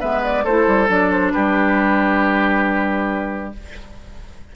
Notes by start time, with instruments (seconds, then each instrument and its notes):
0.00 bassoon G#3, clarinet B3, oboe B4, flute E5
0.24 flute D5
0.44 bassoon A3, clarinet E4, oboe A4, flute C5
0.67 bassoon G3
0.88 bassoon F#3, clarinet D4, flute D5
1.11 flute C5
1.32 bassoon G3, oboe G4, flute B4